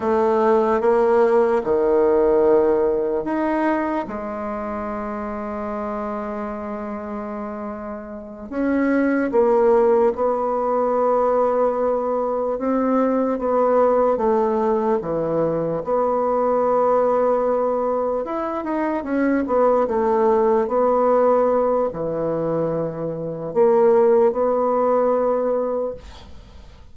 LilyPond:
\new Staff \with { instrumentName = "bassoon" } { \time 4/4 \tempo 4 = 74 a4 ais4 dis2 | dis'4 gis2.~ | gis2~ gis8 cis'4 ais8~ | ais8 b2. c'8~ |
c'8 b4 a4 e4 b8~ | b2~ b8 e'8 dis'8 cis'8 | b8 a4 b4. e4~ | e4 ais4 b2 | }